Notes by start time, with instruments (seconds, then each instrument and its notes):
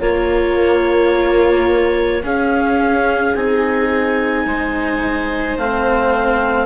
0.00 bassoon A#3, cello A#3, viola F4, clarinet C#5
2.23 cello C#4, bassoon C#4, viola G#4, clarinet F5
3.35 bassoon C4, cello D#4, clarinet G#5
4.45 bassoon G#3, viola C5
5.58 bassoon A3, cello C4, clarinet F5